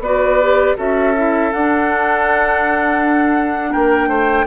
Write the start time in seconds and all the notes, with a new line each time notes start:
0.00 B3 F#4 B4 D5
0.42 G4
0.77 C#4 F#4 A4 E5
1.16 E4
1.52 D4 F#5
3.72 A#3 A#4 G5
4.08 A3 C5